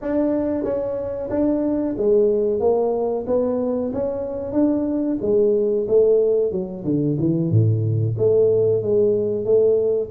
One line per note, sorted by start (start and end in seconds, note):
0.01 0.64 D4
0.64 1.29 C#4
1.30 1.95 D4
1.97 2.60 G#3
2.60 3.25 A#3
3.26 3.92 B3
3.93 4.52 C#4
4.52 5.17 D4
5.21 5.87 G#3
5.88 6.51 A3
6.51 6.84 F#3
6.84 7.17 D3
7.19 7.50 E3
7.50 8.16 A2
8.18 8.82 A3
8.82 9.44 G#3
9.44 10.09 A3